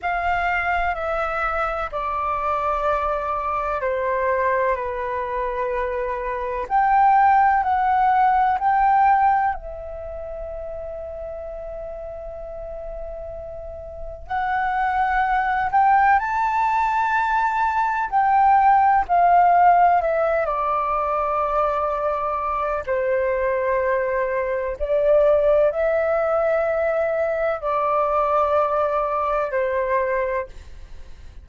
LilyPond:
\new Staff \with { instrumentName = "flute" } { \time 4/4 \tempo 4 = 63 f''4 e''4 d''2 | c''4 b'2 g''4 | fis''4 g''4 e''2~ | e''2. fis''4~ |
fis''8 g''8 a''2 g''4 | f''4 e''8 d''2~ d''8 | c''2 d''4 e''4~ | e''4 d''2 c''4 | }